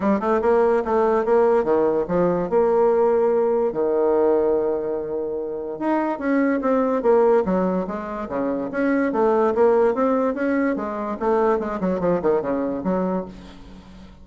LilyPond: \new Staff \with { instrumentName = "bassoon" } { \time 4/4 \tempo 4 = 145 g8 a8 ais4 a4 ais4 | dis4 f4 ais2~ | ais4 dis2.~ | dis2 dis'4 cis'4 |
c'4 ais4 fis4 gis4 | cis4 cis'4 a4 ais4 | c'4 cis'4 gis4 a4 | gis8 fis8 f8 dis8 cis4 fis4 | }